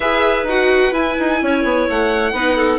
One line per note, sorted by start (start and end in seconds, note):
0.00 0.43 E4
0.00 0.47 G#4
0.00 1.40 B4
0.00 0.46 E5
0.43 0.90 D#4
0.43 0.92 F#4
0.43 0.93 F#5
0.92 1.15 E4
0.92 2.32 E4
0.92 1.87 G#5
1.19 1.42 D#4
1.42 1.63 C#4
1.42 2.33 C#5
1.63 1.87 B3
1.89 2.32 A3
1.89 2.78 F#5
2.32 2.78 B3
2.32 2.78 D#4
2.32 2.56 B4
2.56 2.78 A4